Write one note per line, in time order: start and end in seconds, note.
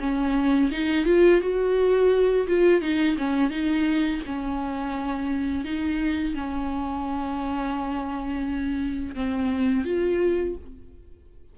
0.00 0.71 C#4
0.72 1.06 D#4
1.06 1.41 F4
1.41 2.47 F#4
2.47 2.81 F4
2.81 3.17 D#4
3.18 3.50 C#4
3.50 4.21 D#4
4.26 5.65 C#4
5.65 6.35 D#4
6.35 9.15 C#4
9.15 9.85 C4
9.85 10.55 F4